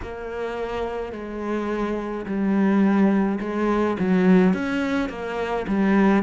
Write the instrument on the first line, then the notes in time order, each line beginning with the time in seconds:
cello
0.02 A#3
1.12 G#3
2.25 G3
3.40 G#3
3.99 F#3
4.53 C#4
5.09 A#3
5.67 G3